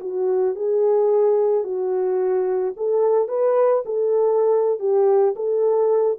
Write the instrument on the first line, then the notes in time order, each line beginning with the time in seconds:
horn
0.00 F#4
0.55 G#4
1.64 F#4
2.76 A4
3.28 B4
3.85 A4
4.79 G4
5.35 A4